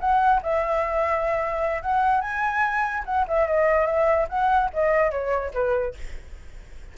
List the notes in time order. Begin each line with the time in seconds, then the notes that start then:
0.00 F#5
0.42 E5
1.82 F#5
2.21 G#5
3.05 F#5
3.28 E5
3.47 D#5
3.86 E5
4.29 F#5
4.73 D#5
5.11 C#5
5.53 B4